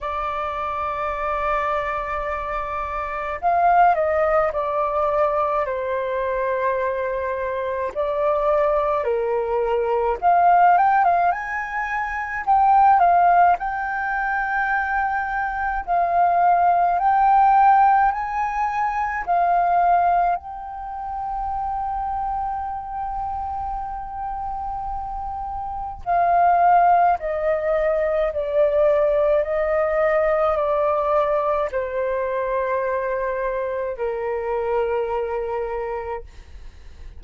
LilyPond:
\new Staff \with { instrumentName = "flute" } { \time 4/4 \tempo 4 = 53 d''2. f''8 dis''8 | d''4 c''2 d''4 | ais'4 f''8 g''16 f''16 gis''4 g''8 f''8 | g''2 f''4 g''4 |
gis''4 f''4 g''2~ | g''2. f''4 | dis''4 d''4 dis''4 d''4 | c''2 ais'2 | }